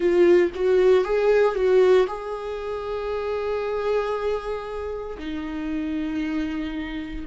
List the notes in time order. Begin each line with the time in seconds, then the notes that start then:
0.00 F4
0.55 F#4
1.04 G#4
1.55 F#4
2.07 G#4
5.18 D#4